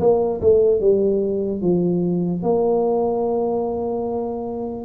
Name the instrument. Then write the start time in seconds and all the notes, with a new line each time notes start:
tuba
0.00 A#3
0.41 A3
0.80 G3
1.61 F3
2.43 A#3